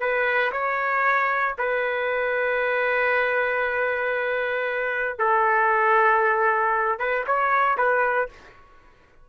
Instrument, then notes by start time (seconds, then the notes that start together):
trumpet
0.00 B4
0.52 C#5
1.59 B4
5.19 A4
6.99 B4
7.27 C#5
7.78 B4